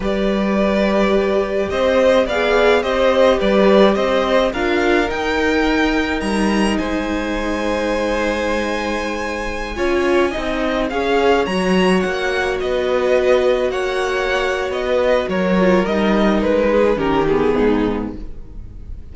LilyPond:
<<
  \new Staff \with { instrumentName = "violin" } { \time 4/4 \tempo 4 = 106 d''2. dis''4 | f''4 dis''4 d''4 dis''4 | f''4 g''2 ais''4 | gis''1~ |
gis''2.~ gis''16 f''8.~ | f''16 ais''4 fis''4 dis''4.~ dis''16~ | dis''16 fis''4.~ fis''16 dis''4 cis''4 | dis''4 b'4 ais'8 gis'4. | }
  \new Staff \with { instrumentName = "violin" } { \time 4/4 b'2. c''4 | d''4 c''4 b'4 c''4 | ais'1 | c''1~ |
c''4~ c''16 cis''4 dis''4 cis''8.~ | cis''2~ cis''16 b'4.~ b'16~ | b'16 cis''2 b'8. ais'4~ | ais'4. gis'8 g'4 dis'4 | }
  \new Staff \with { instrumentName = "viola" } { \time 4/4 g'1 | gis'4 g'2. | f'4 dis'2.~ | dis'1~ |
dis'4~ dis'16 f'4 dis'4 gis'8.~ | gis'16 fis'2.~ fis'8.~ | fis'2.~ fis'8 f'8 | dis'2 cis'8 b4. | }
  \new Staff \with { instrumentName = "cello" } { \time 4/4 g2. c'4 | b4 c'4 g4 c'4 | d'4 dis'2 g4 | gis1~ |
gis4~ gis16 cis'4 c'4 cis'8.~ | cis'16 fis4 ais4 b4.~ b16~ | b16 ais4.~ ais16 b4 fis4 | g4 gis4 dis4 gis,4 | }
>>